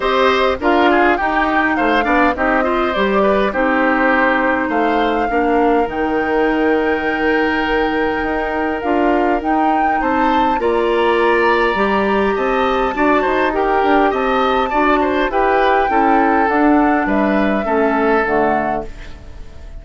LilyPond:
<<
  \new Staff \with { instrumentName = "flute" } { \time 4/4 \tempo 4 = 102 dis''4 f''4 g''4 f''4 | dis''4 d''4 c''2 | f''2 g''2~ | g''2. f''4 |
g''4 a''4 ais''2~ | ais''4 a''2 g''4 | a''2 g''2 | fis''4 e''2 fis''4 | }
  \new Staff \with { instrumentName = "oboe" } { \time 4/4 c''4 ais'8 gis'8 g'4 c''8 d''8 | g'8 c''4 b'8 g'2 | c''4 ais'2.~ | ais'1~ |
ais'4 c''4 d''2~ | d''4 dis''4 d''8 c''8 ais'4 | dis''4 d''8 c''8 b'4 a'4~ | a'4 b'4 a'2 | }
  \new Staff \with { instrumentName = "clarinet" } { \time 4/4 g'4 f'4 dis'4. d'8 | dis'8 f'8 g'4 dis'2~ | dis'4 d'4 dis'2~ | dis'2. f'4 |
dis'2 f'2 | g'2 fis'4 g'4~ | g'4 fis'4 g'4 e'4 | d'2 cis'4 a4 | }
  \new Staff \with { instrumentName = "bassoon" } { \time 4/4 c'4 d'4 dis'4 a8 b8 | c'4 g4 c'2 | a4 ais4 dis2~ | dis2 dis'4 d'4 |
dis'4 c'4 ais2 | g4 c'4 d'8 dis'4 d'8 | c'4 d'4 e'4 cis'4 | d'4 g4 a4 d4 | }
>>